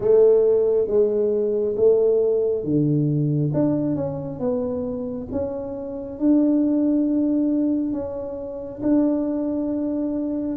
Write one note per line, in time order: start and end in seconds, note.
0.00 0.87 A3
0.87 1.75 G#3
1.76 2.64 A3
2.64 3.52 D3
3.53 3.95 D4
3.95 4.39 C#4
4.39 5.27 B3
5.31 6.19 C#4
6.19 7.93 D4
7.93 8.81 C#4
8.82 10.56 D4